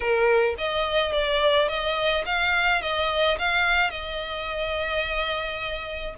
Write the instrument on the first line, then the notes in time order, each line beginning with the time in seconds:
violin
0.00 A#4
0.58 D#5
1.12 D5
1.68 D#5
2.25 F5
2.81 D#5
3.38 F5
3.90 D#5